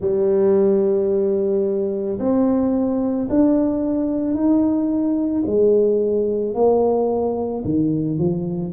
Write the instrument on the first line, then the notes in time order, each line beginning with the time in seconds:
tuba
0.00 G3
2.19 C4
3.29 D4
4.34 D#4
5.46 G#3
6.54 A#3
7.64 D#3
8.18 F3